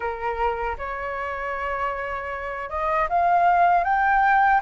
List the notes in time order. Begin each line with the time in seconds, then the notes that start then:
0.00 A#4
0.78 C#5
2.69 D#5
3.09 F5
3.84 G5